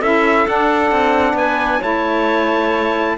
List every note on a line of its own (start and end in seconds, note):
0.00 0.47 C#4
0.00 0.47 E4
0.00 1.35 A4
0.00 0.47 E5
0.47 1.82 D4
0.47 0.91 D4
0.47 1.37 F#5
0.91 1.34 C4
1.34 1.79 B3
1.34 1.80 B4
1.34 1.83 G#5
1.80 3.18 A3
1.80 3.17 E4
1.80 3.15 C#5
1.80 3.18 A5